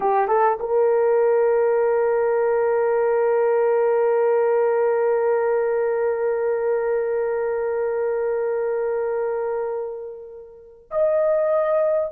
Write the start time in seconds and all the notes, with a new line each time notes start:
0.00 G4
0.28 A4
0.59 A#4
10.91 D#5